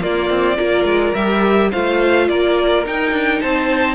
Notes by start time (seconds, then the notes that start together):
0.00 A#3 F4 D5
0.29 C4
0.56 A#3 F4 A#4
0.84 G#3
1.14 G3 G4 E5
1.71 A3 F4 C5 F5
2.28 A#3 A#4 D5
2.85 D#4 G5
3.11 D4
3.40 C4 C5 A5